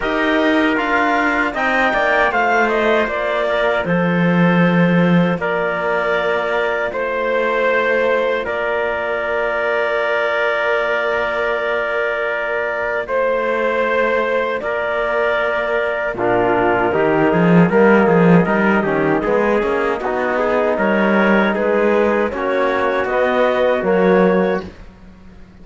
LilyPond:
<<
  \new Staff \with { instrumentName = "clarinet" } { \time 4/4 \tempo 4 = 78 dis''4 f''4 g''4 f''8 dis''8 | d''4 c''2 d''4~ | d''4 c''2 d''4~ | d''1~ |
d''4 c''2 d''4~ | d''4 ais'2 dis''4~ | dis''2. cis''4 | b'4 cis''4 dis''4 cis''4 | }
  \new Staff \with { instrumentName = "trumpet" } { \time 4/4 ais'2 dis''8 d''8 c''4~ | c''8 ais'8 a'2 ais'4~ | ais'4 c''2 ais'4~ | ais'1~ |
ais'4 c''2 ais'4~ | ais'4 f'4 g'8 gis'8 ais'8 gis'8 | ais'8 g'8 gis'4 fis'8 gis'8 ais'4 | gis'4 fis'2. | }
  \new Staff \with { instrumentName = "trombone" } { \time 4/4 g'4 f'4 dis'4 f'4~ | f'1~ | f'1~ | f'1~ |
f'1~ | f'4 d'4 dis'4 ais4 | dis'8 cis'8 b8 cis'8 dis'2~ | dis'4 cis'4 b4 ais4 | }
  \new Staff \with { instrumentName = "cello" } { \time 4/4 dis'4 d'4 c'8 ais8 a4 | ais4 f2 ais4~ | ais4 a2 ais4~ | ais1~ |
ais4 a2 ais4~ | ais4 ais,4 dis8 f8 g8 f8 | g8 dis8 gis8 ais8 b4 g4 | gis4 ais4 b4 fis4 | }
>>